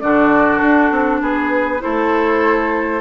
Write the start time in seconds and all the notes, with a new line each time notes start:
0.00 D3 D4 F#4 D5
0.58 D4 A4
0.91 C4
1.21 B3 G#4 B4
1.80 A3 E4 A4 C5